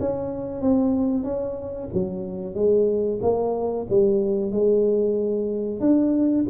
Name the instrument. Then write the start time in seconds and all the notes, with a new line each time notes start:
tuba
0.00 C#4
0.62 C4
1.24 C#4
1.93 F#3
2.55 G#3
3.22 A#3
3.90 G3
4.52 G#3
5.80 D4